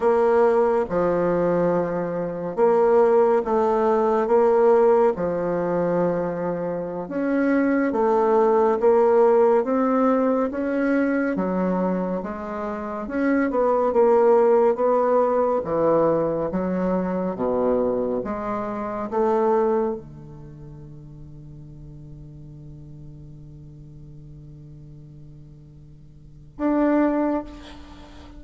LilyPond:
\new Staff \with { instrumentName = "bassoon" } { \time 4/4 \tempo 4 = 70 ais4 f2 ais4 | a4 ais4 f2~ | f16 cis'4 a4 ais4 c'8.~ | c'16 cis'4 fis4 gis4 cis'8 b16~ |
b16 ais4 b4 e4 fis8.~ | fis16 b,4 gis4 a4 d8.~ | d1~ | d2. d'4 | }